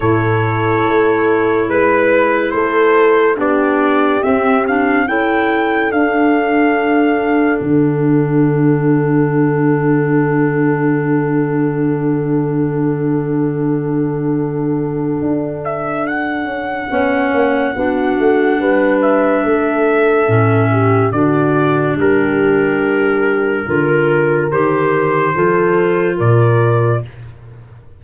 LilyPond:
<<
  \new Staff \with { instrumentName = "trumpet" } { \time 4/4 \tempo 4 = 71 cis''2 b'4 c''4 | d''4 e''8 f''8 g''4 f''4~ | f''4 fis''2.~ | fis''1~ |
fis''2~ fis''8 e''8 fis''4~ | fis''2~ fis''8 e''4.~ | e''4 d''4 ais'2~ | ais'4 c''2 d''4 | }
  \new Staff \with { instrumentName = "horn" } { \time 4/4 a'2 b'4 a'4 | g'2 a'2~ | a'1~ | a'1~ |
a'1 | cis''4 fis'4 b'4 a'4~ | a'8 g'8 fis'4 g'2 | ais'2 a'4 ais'4 | }
  \new Staff \with { instrumentName = "clarinet" } { \time 4/4 e'1 | d'4 c'8 d'8 e'4 d'4~ | d'1~ | d'1~ |
d'1 | cis'4 d'2. | cis'4 d'2. | f'4 g'4 f'2 | }
  \new Staff \with { instrumentName = "tuba" } { \time 4/4 a,4 a4 gis4 a4 | b4 c'4 cis'4 d'4~ | d'4 d2.~ | d1~ |
d2 d'4. cis'8 | b8 ais8 b8 a8 g4 a4 | a,4 d4 g2 | d4 dis4 f4 ais,4 | }
>>